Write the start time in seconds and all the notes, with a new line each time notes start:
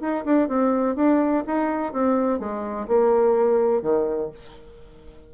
0.00 D#4
0.24 D4
0.48 C4
0.95 D4
1.46 D#4
1.92 C4
2.39 G#3
2.87 A#3
3.82 D#3